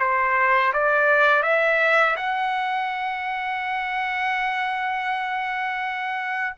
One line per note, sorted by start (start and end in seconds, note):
0.00 0.73 C5
0.74 1.43 D5
1.43 2.17 E5
2.17 6.56 F#5